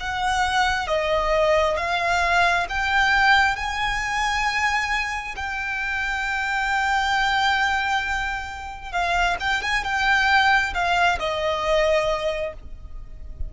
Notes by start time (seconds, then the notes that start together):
0.00 F#5
0.87 D#5
1.77 F5
2.69 G5
3.56 G#5
5.36 G5
8.92 F5
9.40 G5
9.62 G#5
9.84 G5
10.74 F5
11.19 D#5